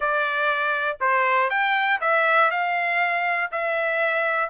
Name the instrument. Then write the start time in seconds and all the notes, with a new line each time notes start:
trumpet
0.00 D5
1.00 C5
1.50 G5
2.00 E5
2.50 F5
3.51 E5